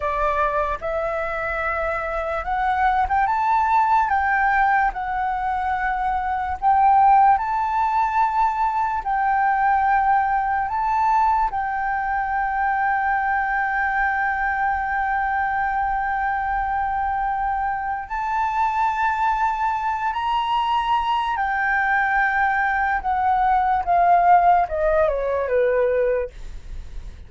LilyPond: \new Staff \with { instrumentName = "flute" } { \time 4/4 \tempo 4 = 73 d''4 e''2 fis''8. g''16 | a''4 g''4 fis''2 | g''4 a''2 g''4~ | g''4 a''4 g''2~ |
g''1~ | g''2 a''2~ | a''8 ais''4. g''2 | fis''4 f''4 dis''8 cis''8 b'4 | }